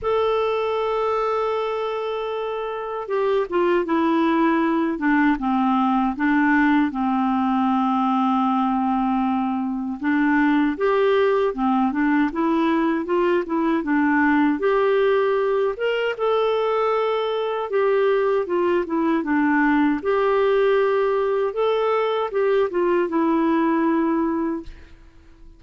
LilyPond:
\new Staff \with { instrumentName = "clarinet" } { \time 4/4 \tempo 4 = 78 a'1 | g'8 f'8 e'4. d'8 c'4 | d'4 c'2.~ | c'4 d'4 g'4 c'8 d'8 |
e'4 f'8 e'8 d'4 g'4~ | g'8 ais'8 a'2 g'4 | f'8 e'8 d'4 g'2 | a'4 g'8 f'8 e'2 | }